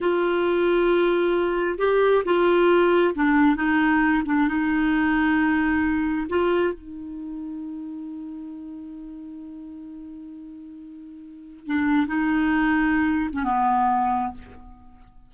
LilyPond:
\new Staff \with { instrumentName = "clarinet" } { \time 4/4 \tempo 4 = 134 f'1 | g'4 f'2 d'4 | dis'4. d'8 dis'2~ | dis'2 f'4 dis'4~ |
dis'1~ | dis'1~ | dis'2 d'4 dis'4~ | dis'4.~ dis'16 cis'16 b2 | }